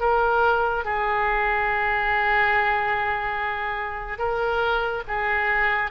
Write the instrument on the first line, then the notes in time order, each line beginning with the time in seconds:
oboe
0.00 A#4
0.85 G#4
4.18 A#4
5.07 G#4